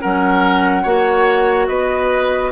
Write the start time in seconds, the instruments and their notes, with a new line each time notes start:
0.00 bassoon F#3, clarinet C#4, oboe A#4, flute F#5
0.82 bassoon A#3, clarinet F#4, oboe C#5
1.67 bassoon B3, oboe B4, flute D#5